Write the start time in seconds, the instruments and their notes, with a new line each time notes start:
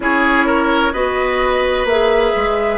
0.00 bassoon C#4, clarinet E4, oboe G#4, flute C#5
0.46 oboe A#4
0.92 bassoon B3, clarinet F#4, oboe B4, flute D#5
1.84 bassoon A#3, clarinet G#4, flute E5
2.36 bassoon G#3